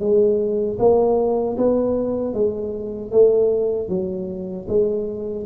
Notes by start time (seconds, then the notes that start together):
0.00 G#3
0.79 A#3
1.58 B3
2.34 G#3
3.12 A3
3.89 F#3
4.69 G#3